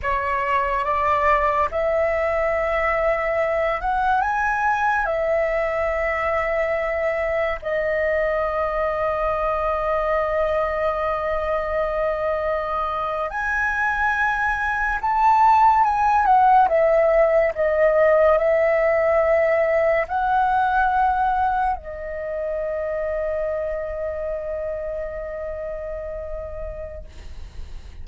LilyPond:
\new Staff \with { instrumentName = "flute" } { \time 4/4 \tempo 4 = 71 cis''4 d''4 e''2~ | e''8 fis''8 gis''4 e''2~ | e''4 dis''2.~ | dis''2.~ dis''8. gis''16~ |
gis''4.~ gis''16 a''4 gis''8 fis''8 e''16~ | e''8. dis''4 e''2 fis''16~ | fis''4.~ fis''16 dis''2~ dis''16~ | dis''1 | }